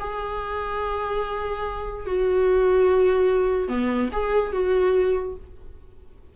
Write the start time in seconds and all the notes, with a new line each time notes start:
0.00 G#4
2.07 F#4
3.68 B3
4.13 G#4
4.52 F#4